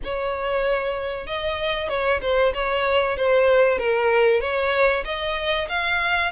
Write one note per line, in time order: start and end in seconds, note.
0.04 1.27 C#5
1.27 1.88 D#5
1.88 2.20 C#5
2.21 2.53 C5
2.53 3.16 C#5
3.16 3.78 C5
3.78 4.40 A#4
4.40 5.04 C#5
5.04 5.68 D#5
5.68 6.31 F5